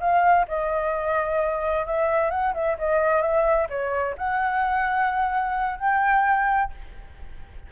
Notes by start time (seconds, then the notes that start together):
0.00 F5
0.48 D#5
1.86 E5
2.31 F#5
2.54 E5
2.79 D#5
3.22 E5
3.69 C#5
4.18 F#5
5.79 G5